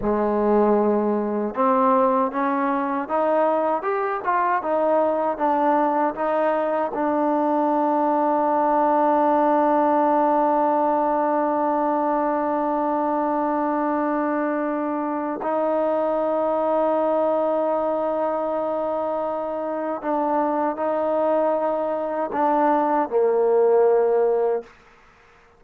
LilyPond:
\new Staff \with { instrumentName = "trombone" } { \time 4/4 \tempo 4 = 78 gis2 c'4 cis'4 | dis'4 g'8 f'8 dis'4 d'4 | dis'4 d'2.~ | d'1~ |
d'1 | dis'1~ | dis'2 d'4 dis'4~ | dis'4 d'4 ais2 | }